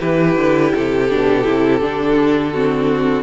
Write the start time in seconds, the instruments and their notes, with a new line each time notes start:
0.00 cello E3, viola E4, violin G4 B4
0.36 cello D3
0.74 cello C3, violin A4
1.09 cello B2, viola D4
1.44 cello C3, viola E4
1.80 cello D3, viola D4
2.52 viola C4, violin F#4